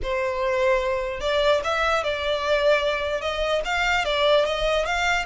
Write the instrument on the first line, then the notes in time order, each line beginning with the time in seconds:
violin
0.03 C5
1.20 D5
1.63 E5
2.03 D5
3.21 D#5
3.64 F5
4.04 D5
4.45 D#5
4.85 F5